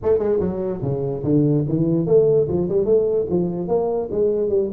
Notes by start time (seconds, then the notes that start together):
0.02 A3
0.18 G#3
0.39 F#3
0.82 C#3
1.23 D3
1.68 E3
2.06 A3
2.48 F3
2.69 G3
2.85 A3
3.29 F3
3.68 A#3
4.11 G#3
4.49 G3